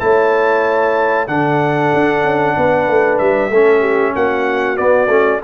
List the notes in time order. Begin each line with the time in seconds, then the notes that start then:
0.00 A3 E4 C#5 A5
1.28 D3 D4 A4 F#5
1.94 D4
2.24 C#4
2.57 B3 B4
2.88 A3
3.19 G3 E5
3.50 A3 C#4 A4
3.81 G4
4.15 A#3 F#4 F#5
4.76 B3 D5
5.08 A3 C#4